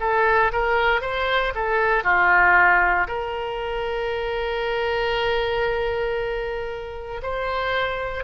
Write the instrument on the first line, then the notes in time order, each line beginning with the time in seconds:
oboe
0.00 A4
0.53 A#4
1.02 C5
1.55 A4
2.04 F4
3.08 A#4
7.22 C5